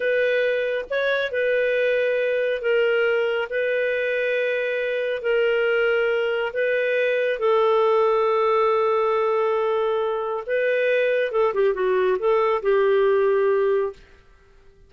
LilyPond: \new Staff \with { instrumentName = "clarinet" } { \time 4/4 \tempo 4 = 138 b'2 cis''4 b'4~ | b'2 ais'2 | b'1 | ais'2. b'4~ |
b'4 a'2.~ | a'1 | b'2 a'8 g'8 fis'4 | a'4 g'2. | }